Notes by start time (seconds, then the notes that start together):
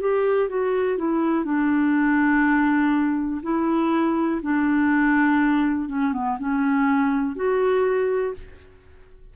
0.00 G4
0.49 F#4
0.97 E4
1.44 D4
3.42 E4
4.42 D4
5.88 C#4
6.13 B3
6.39 C#4
7.35 F#4